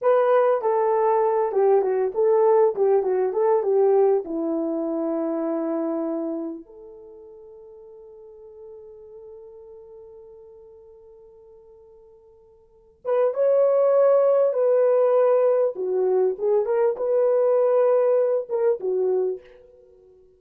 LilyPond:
\new Staff \with { instrumentName = "horn" } { \time 4/4 \tempo 4 = 99 b'4 a'4. g'8 fis'8 a'8~ | a'8 g'8 fis'8 a'8 g'4 e'4~ | e'2. a'4~ | a'1~ |
a'1~ | a'4. b'8 cis''2 | b'2 fis'4 gis'8 ais'8 | b'2~ b'8 ais'8 fis'4 | }